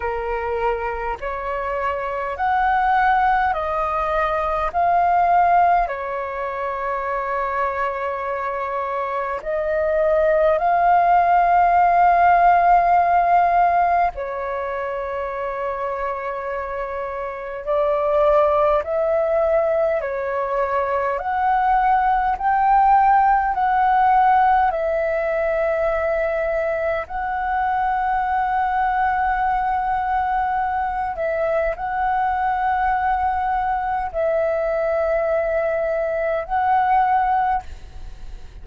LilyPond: \new Staff \with { instrumentName = "flute" } { \time 4/4 \tempo 4 = 51 ais'4 cis''4 fis''4 dis''4 | f''4 cis''2. | dis''4 f''2. | cis''2. d''4 |
e''4 cis''4 fis''4 g''4 | fis''4 e''2 fis''4~ | fis''2~ fis''8 e''8 fis''4~ | fis''4 e''2 fis''4 | }